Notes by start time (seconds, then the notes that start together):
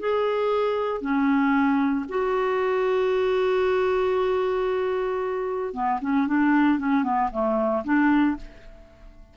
0.00 G#4
1.02 C#4
2.09 F#4
5.74 B3
6.01 C#4
6.28 D4
6.79 C#4
7.04 B3
7.32 A3
7.85 D4